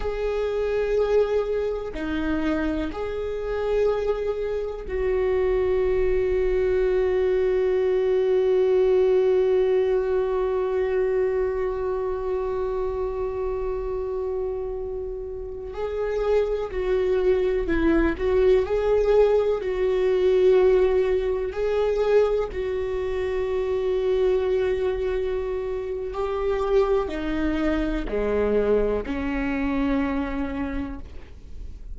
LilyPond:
\new Staff \with { instrumentName = "viola" } { \time 4/4 \tempo 4 = 62 gis'2 dis'4 gis'4~ | gis'4 fis'2.~ | fis'1~ | fis'1~ |
fis'16 gis'4 fis'4 e'8 fis'8 gis'8.~ | gis'16 fis'2 gis'4 fis'8.~ | fis'2. g'4 | dis'4 gis4 cis'2 | }